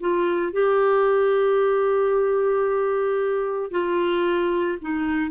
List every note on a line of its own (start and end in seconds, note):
0.00 0.53 F4
0.53 3.71 G4
3.71 4.78 F4
4.81 5.30 D#4